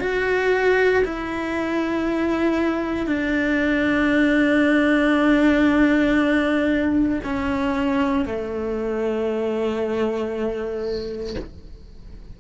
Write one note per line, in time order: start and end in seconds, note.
0.00 1.03 F#4
1.05 3.07 E4
3.07 7.20 D4
7.24 8.25 C#4
8.25 11.36 A3